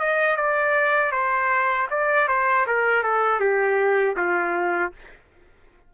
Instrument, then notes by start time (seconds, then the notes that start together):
trumpet
0.00 D#5
0.37 D5
1.12 C5
1.91 D5
2.28 C5
2.67 A#4
3.03 A4
3.40 G4
4.17 F4